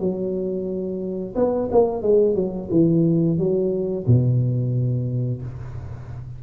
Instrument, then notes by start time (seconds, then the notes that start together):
tuba
0.00 F#3
1.35 B3
1.72 A#3
2.03 G#3
2.35 F#3
2.71 E3
3.38 F#3
4.07 B2